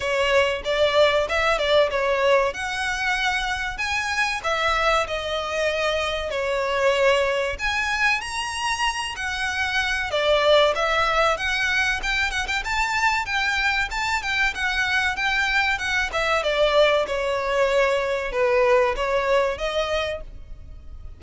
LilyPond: \new Staff \with { instrumentName = "violin" } { \time 4/4 \tempo 4 = 95 cis''4 d''4 e''8 d''8 cis''4 | fis''2 gis''4 e''4 | dis''2 cis''2 | gis''4 ais''4. fis''4. |
d''4 e''4 fis''4 g''8 fis''16 g''16 | a''4 g''4 a''8 g''8 fis''4 | g''4 fis''8 e''8 d''4 cis''4~ | cis''4 b'4 cis''4 dis''4 | }